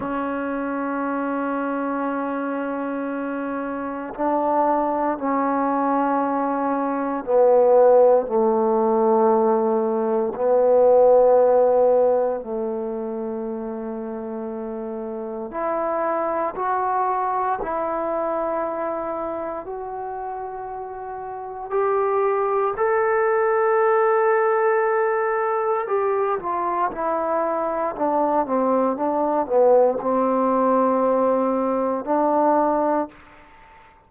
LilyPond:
\new Staff \with { instrumentName = "trombone" } { \time 4/4 \tempo 4 = 58 cis'1 | d'4 cis'2 b4 | a2 b2 | a2. e'4 |
fis'4 e'2 fis'4~ | fis'4 g'4 a'2~ | a'4 g'8 f'8 e'4 d'8 c'8 | d'8 b8 c'2 d'4 | }